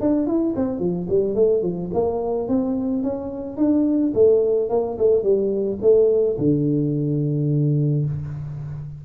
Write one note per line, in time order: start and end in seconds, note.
0.00 0.26 D4
0.26 0.54 E4
0.56 0.79 C4
0.79 1.07 F3
1.09 1.35 G3
1.35 1.62 A3
1.62 1.90 F3
1.93 2.48 A#3
2.48 3.03 C4
3.03 3.57 C#4
3.57 4.12 D4
4.14 4.69 A3
4.69 4.97 A#3
4.98 5.23 A3
5.23 5.78 G3
5.81 6.37 A3
6.38 8.05 D3